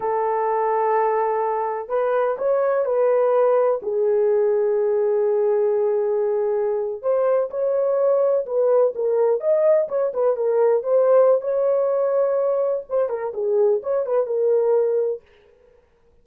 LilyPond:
\new Staff \with { instrumentName = "horn" } { \time 4/4 \tempo 4 = 126 a'1 | b'4 cis''4 b'2 | gis'1~ | gis'2~ gis'8. c''4 cis''16~ |
cis''4.~ cis''16 b'4 ais'4 dis''16~ | dis''8. cis''8 b'8 ais'4 c''4~ c''16 | cis''2. c''8 ais'8 | gis'4 cis''8 b'8 ais'2 | }